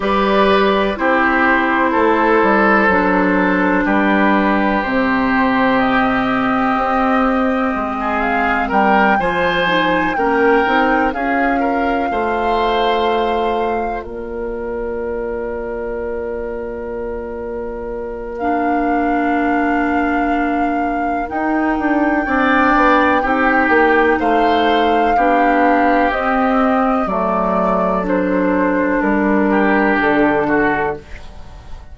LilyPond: <<
  \new Staff \with { instrumentName = "flute" } { \time 4/4 \tempo 4 = 62 d''4 c''2. | b'4 c''4 dis''2~ | dis''8 f''8 g''8 gis''4 g''4 f''8~ | f''2~ f''8 d''4.~ |
d''2. f''4~ | f''2 g''2~ | g''4 f''2 dis''4 | d''4 c''4 ais'4 a'4 | }
  \new Staff \with { instrumentName = "oboe" } { \time 4/4 b'4 g'4 a'2 | g'1~ | g'16 gis'8. ais'8 c''4 ais'4 gis'8 | ais'8 c''2 ais'4.~ |
ais'1~ | ais'2. d''4 | g'4 c''4 g'2 | a'2~ a'8 g'4 fis'8 | }
  \new Staff \with { instrumentName = "clarinet" } { \time 4/4 g'4 e'2 d'4~ | d'4 c'2.~ | c'4. f'8 dis'8 cis'8 dis'8 f'8~ | f'1~ |
f'2. d'4~ | d'2 dis'4 d'4 | dis'2 d'4 c'4 | a4 d'2. | }
  \new Staff \with { instrumentName = "bassoon" } { \time 4/4 g4 c'4 a8 g8 fis4 | g4 c2 c'4 | gis4 g8 f4 ais8 c'8 cis'8~ | cis'8 a2 ais4.~ |
ais1~ | ais2 dis'8 d'8 c'8 b8 | c'8 ais8 a4 b4 c'4 | fis2 g4 d4 | }
>>